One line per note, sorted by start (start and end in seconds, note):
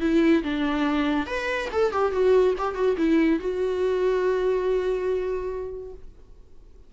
0.00 0.42 E4
0.43 1.26 D4
1.26 1.68 B4
1.72 1.92 A4
1.92 2.12 G4
2.12 2.54 F#4
2.57 2.74 G4
2.74 2.95 F#4
2.97 3.39 E4
3.39 5.93 F#4